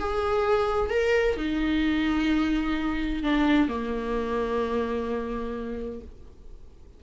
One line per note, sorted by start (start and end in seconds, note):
0.00 0.90 G#4
0.90 1.37 A#4
1.37 3.23 D#4
3.24 3.69 D4
3.69 6.01 A#3